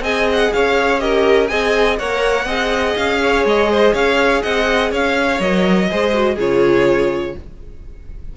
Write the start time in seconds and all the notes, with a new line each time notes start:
0.00 C4 G#4 D#5 G#5
0.32 F#5
0.52 C#4 C#5 F5
0.99 G4 A#4 D#5
1.47 C4 G#4 D#5 G#5
1.98 A#3 A#4 C#5 F#5
2.45 C4 G#4 D#5
2.96 C#4 F5
3.22 C#5
3.44 G#3 D#5
3.71 C5
3.93 C#4 C#5 F5
4.42 C4 D#5 F#5
4.91 C#4 C#5 F5
5.39 F#3 A#4 D#5
5.90 G#3 G#4 C5
6.12 F#4
6.34 C#3 F4 G#4 C#5